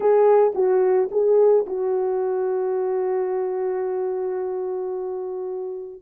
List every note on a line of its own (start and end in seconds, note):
0.00 0.53 G#4
0.55 1.09 F#4
1.11 1.65 G#4
1.66 6.01 F#4